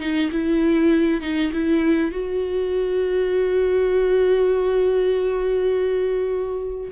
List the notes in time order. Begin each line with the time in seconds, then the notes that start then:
0.00 D#4
0.31 E4
1.21 D#4
1.53 E4
2.11 F#4